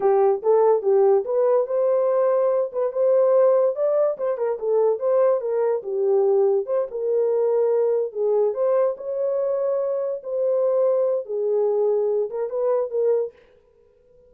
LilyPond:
\new Staff \with { instrumentName = "horn" } { \time 4/4 \tempo 4 = 144 g'4 a'4 g'4 b'4 | c''2~ c''8 b'8 c''4~ | c''4 d''4 c''8 ais'8 a'4 | c''4 ais'4 g'2 |
c''8 ais'2. gis'8~ | gis'8 c''4 cis''2~ cis''8~ | cis''8 c''2~ c''8 gis'4~ | gis'4. ais'8 b'4 ais'4 | }